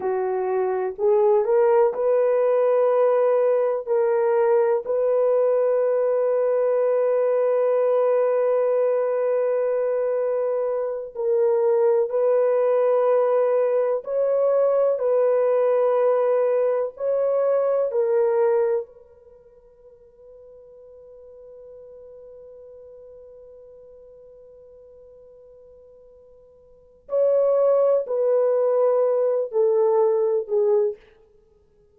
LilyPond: \new Staff \with { instrumentName = "horn" } { \time 4/4 \tempo 4 = 62 fis'4 gis'8 ais'8 b'2 | ais'4 b'2.~ | b'2.~ b'8 ais'8~ | ais'8 b'2 cis''4 b'8~ |
b'4. cis''4 ais'4 b'8~ | b'1~ | b'1 | cis''4 b'4. a'4 gis'8 | }